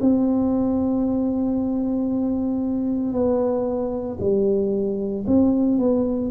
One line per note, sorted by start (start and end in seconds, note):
0.00 3.12 C4
3.12 4.17 B3
4.20 5.25 G3
5.27 5.78 C4
5.78 6.31 B3